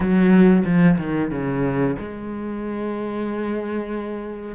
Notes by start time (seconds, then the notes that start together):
0.00 F#3
0.64 F3
0.98 D#3
1.30 C#3
1.98 G#3